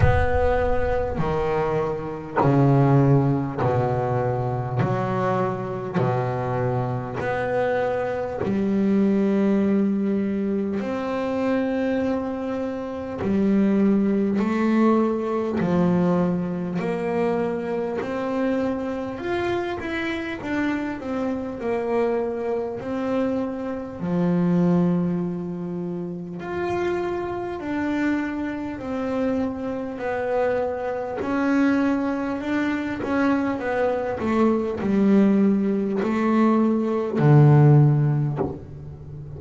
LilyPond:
\new Staff \with { instrumentName = "double bass" } { \time 4/4 \tempo 4 = 50 b4 dis4 cis4 b,4 | fis4 b,4 b4 g4~ | g4 c'2 g4 | a4 f4 ais4 c'4 |
f'8 e'8 d'8 c'8 ais4 c'4 | f2 f'4 d'4 | c'4 b4 cis'4 d'8 cis'8 | b8 a8 g4 a4 d4 | }